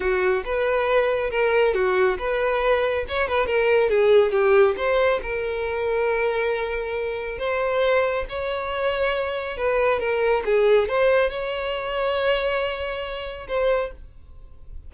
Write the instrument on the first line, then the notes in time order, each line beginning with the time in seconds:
violin
0.00 F#4
0.44 B4
1.30 A#4
1.74 F#4
2.18 B4
3.08 C#5
3.27 B4
3.46 A#4
3.89 G#4
4.31 G4
4.76 C5
5.22 A#4
7.38 C5
8.29 C#5
9.57 B4
9.99 A#4
10.45 G#4
10.88 C5
11.29 C#5
13.47 C5